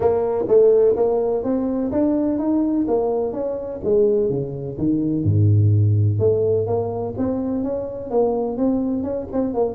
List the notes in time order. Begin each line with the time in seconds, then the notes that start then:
0.00 A#3
0.48 A3
0.96 A#3
1.43 C4
1.91 D4
2.38 D#4
2.87 A#3
3.32 C#4
3.84 G#3
4.30 C#3
4.77 D#3
5.24 G#2
6.19 A3
6.66 A#3
7.17 C4
7.63 C#4
8.10 A#3
8.57 C4
9.03 C#4
9.32 C4
9.54 A#3